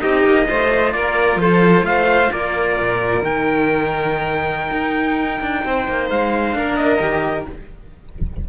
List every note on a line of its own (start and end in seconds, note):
0.00 0.25 C4
0.00 0.46 D#4
0.00 0.48 G4
0.00 0.92 D#5
0.25 0.48 A#3
0.47 0.94 A3
0.47 3.20 F4
0.47 0.93 C5
0.92 1.36 A#3
0.92 1.40 A#4
0.92 1.38 D5
1.36 1.82 F3
1.36 1.86 A4
1.36 1.85 C5
1.82 2.27 A3
1.82 2.32 C5
1.82 2.31 F5
2.32 2.78 A#3
2.32 5.64 A#4
2.32 3.24 D5
2.78 3.22 A#2
3.20 4.71 D#3
3.20 6.52 D#4
3.20 6.10 G5
4.71 5.40 D#4
5.41 5.64 D4
5.65 5.88 C4
5.65 6.57 C5
5.88 6.10 A#3
6.10 6.55 G#3
6.10 6.76 F5
6.53 7.00 A#3
6.53 6.98 D4
6.53 7.49 A#4
6.76 7.45 D#5
6.99 7.45 D#3
6.99 7.45 G4